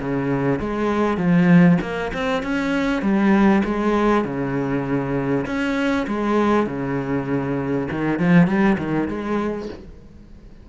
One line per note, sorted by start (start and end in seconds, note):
0.00 0.60 C#3
0.60 1.17 G#3
1.17 1.78 F3
1.82 2.12 A#3
2.14 2.43 C4
2.43 3.02 C#4
3.02 3.63 G3
3.64 4.25 G#3
4.25 5.46 C#3
5.46 6.07 C#4
6.07 6.67 G#3
6.67 7.88 C#3
7.91 8.19 D#3
8.19 8.47 F3
8.47 8.77 G3
8.78 9.08 D#3
9.08 9.69 G#3